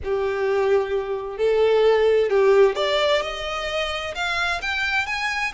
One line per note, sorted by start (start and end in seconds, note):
0.04 1.37 G4
1.37 2.30 A4
2.30 2.75 G4
2.75 3.22 D5
3.22 4.14 D#5
4.14 4.60 F5
4.61 5.06 G5
5.06 5.52 G#5